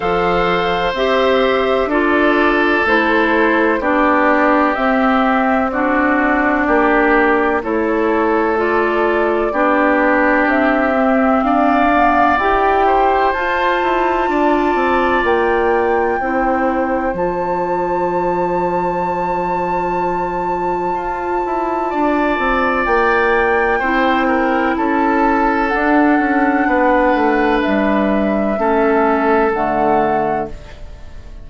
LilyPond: <<
  \new Staff \with { instrumentName = "flute" } { \time 4/4 \tempo 4 = 63 f''4 e''4 d''4 c''4 | d''4 e''4 d''2 | cis''4 d''2 e''4 | f''4 g''4 a''2 |
g''2 a''2~ | a''1 | g''2 a''4 fis''4~ | fis''4 e''2 fis''4 | }
  \new Staff \with { instrumentName = "oboe" } { \time 4/4 c''2 a'2 | g'2 fis'4 g'4 | a'2 g'2 | d''4. c''4. d''4~ |
d''4 c''2.~ | c''2. d''4~ | d''4 c''8 ais'8 a'2 | b'2 a'2 | }
  \new Staff \with { instrumentName = "clarinet" } { \time 4/4 a'4 g'4 f'4 e'4 | d'4 c'4 d'2 | e'4 f'4 d'4. c'8~ | c'8 b8 g'4 f'2~ |
f'4 e'4 f'2~ | f'1~ | f'4 e'2 d'4~ | d'2 cis'4 a4 | }
  \new Staff \with { instrumentName = "bassoon" } { \time 4/4 f4 c'4 d'4 a4 | b4 c'2 ais4 | a2 b4 c'4 | d'4 e'4 f'8 e'8 d'8 c'8 |
ais4 c'4 f2~ | f2 f'8 e'8 d'8 c'8 | ais4 c'4 cis'4 d'8 cis'8 | b8 a8 g4 a4 d4 | }
>>